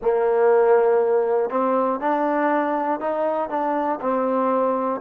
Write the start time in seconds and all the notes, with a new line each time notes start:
0.01 A#3
1.50 C4
2.00 D4
3.00 D#4
3.49 D4
4.00 C4